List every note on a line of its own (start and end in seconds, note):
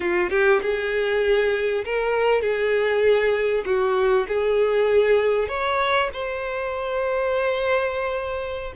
0.00 0.29 F4
0.29 0.60 G4
0.62 1.84 G#4
1.84 2.41 A#4
2.41 3.64 G#4
3.65 4.26 F#4
4.27 5.48 G#4
5.48 6.09 C#5
6.13 8.73 C5